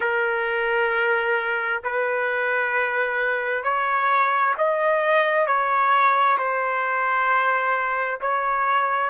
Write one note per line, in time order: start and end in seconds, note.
0.00 1.82 A#4
1.83 3.63 B4
3.63 4.54 C#5
4.57 5.46 D#5
5.46 6.37 C#5
6.38 8.19 C5
8.21 9.10 C#5